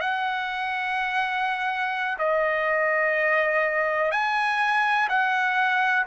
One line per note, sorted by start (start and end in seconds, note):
0.00 2.18 F#5
2.18 4.11 D#5
4.11 5.08 G#5
5.09 6.05 F#5